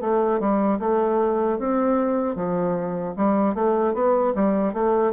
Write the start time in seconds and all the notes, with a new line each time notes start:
0.00 A3
0.39 G3
0.79 A3
1.58 C4
2.35 F3
3.16 G3
3.55 A3
3.93 B3
4.35 G3
4.73 A3